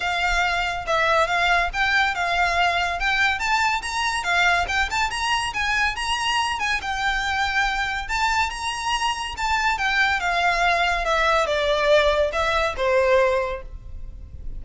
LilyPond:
\new Staff \with { instrumentName = "violin" } { \time 4/4 \tempo 4 = 141 f''2 e''4 f''4 | g''4 f''2 g''4 | a''4 ais''4 f''4 g''8 a''8 | ais''4 gis''4 ais''4. gis''8 |
g''2. a''4 | ais''2 a''4 g''4 | f''2 e''4 d''4~ | d''4 e''4 c''2 | }